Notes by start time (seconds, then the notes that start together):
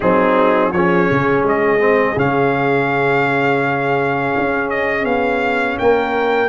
0.00 F#3 C4 D#4 G#4
0.72 F3 C#4 G#4 C#5
1.11 C#3
1.43 G#3 D#5
1.79 C4
2.16 C#3 C#4 F5
4.37 C#4
4.70 D#5
5.04 B3 F5
5.78 A#3 A#4 G5